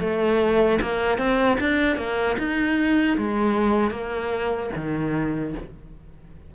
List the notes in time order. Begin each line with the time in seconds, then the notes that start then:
0.00 A3
0.81 A#3
1.18 C4
1.60 D4
1.97 A#3
2.38 D#4
3.18 G#3
3.91 A#3
4.75 D#3